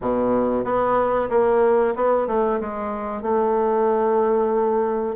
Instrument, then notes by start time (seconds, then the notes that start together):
bassoon
0.01 B2
0.64 B3
1.29 A#3
1.95 B3
2.27 A3
2.60 G#3
3.21 A3